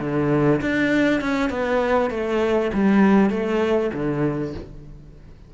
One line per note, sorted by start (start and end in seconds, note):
0.00 0.61 D3
0.61 1.21 D4
1.21 1.50 C#4
1.50 2.10 B3
2.10 2.71 A3
2.74 3.30 G3
3.30 3.91 A3
3.93 4.54 D3